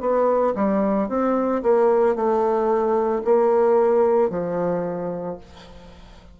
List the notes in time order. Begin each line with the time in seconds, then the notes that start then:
0.00 B3
0.55 G3
1.08 C4
1.63 A#3
2.15 A3
3.24 A#3
4.30 F3